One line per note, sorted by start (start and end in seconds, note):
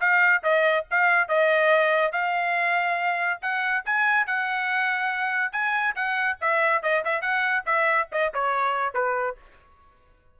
0.00 0.43 F5
0.43 0.85 D#5
0.91 1.28 F5
1.28 2.12 D#5
2.12 3.40 F5
3.42 3.84 F#5
3.85 4.26 G#5
4.26 5.52 F#5
5.52 5.95 G#5
5.95 6.38 F#5
6.41 6.83 E5
6.83 7.04 D#5
7.05 7.21 E5
7.21 7.64 F#5
7.66 8.08 E5
8.12 8.33 D#5
8.34 8.94 C#5
8.94 9.37 B4